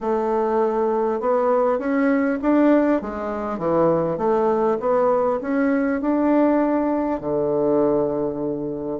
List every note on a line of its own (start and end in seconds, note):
0.01 1.20 A3
1.20 1.78 B3
1.78 2.38 C#4
2.42 3.01 D4
3.01 3.58 G#3
3.58 4.17 E3
4.17 4.77 A3
4.80 5.40 B3
5.41 6.01 C#4
6.01 7.20 D4
7.20 8.99 D3